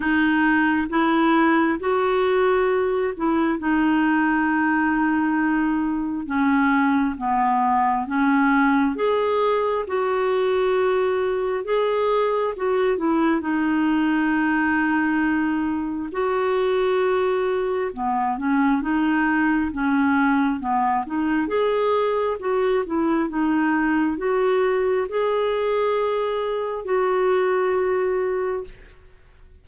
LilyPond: \new Staff \with { instrumentName = "clarinet" } { \time 4/4 \tempo 4 = 67 dis'4 e'4 fis'4. e'8 | dis'2. cis'4 | b4 cis'4 gis'4 fis'4~ | fis'4 gis'4 fis'8 e'8 dis'4~ |
dis'2 fis'2 | b8 cis'8 dis'4 cis'4 b8 dis'8 | gis'4 fis'8 e'8 dis'4 fis'4 | gis'2 fis'2 | }